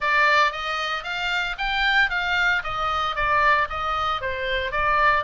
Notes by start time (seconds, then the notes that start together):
0.00 D5
0.52 D#5
1.03 F5
1.58 G5
2.10 F5
2.63 D#5
3.15 D5
3.69 D#5
4.21 C5
4.71 D5